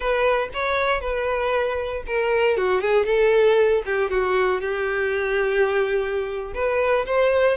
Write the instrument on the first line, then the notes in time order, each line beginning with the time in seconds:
violin
0.00 B4
0.53 C#5
1.00 B4
2.07 A#4
2.57 F#4
2.80 G#4
3.05 A4
3.85 G4
4.10 F#4
4.60 G4
6.54 B4
7.06 C5